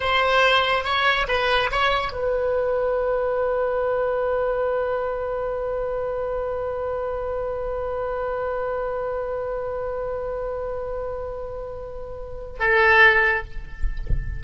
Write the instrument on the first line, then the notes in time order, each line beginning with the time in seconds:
oboe
0.00 C5
0.84 C#5
1.28 B4
1.71 C#5
2.12 B4
12.59 A4